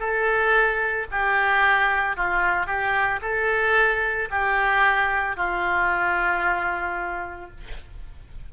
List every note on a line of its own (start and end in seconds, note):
0.00 1.07 A4
1.12 2.17 G4
2.17 2.67 F4
2.67 3.20 G4
3.22 4.29 A4
4.31 5.37 G4
5.37 7.51 F4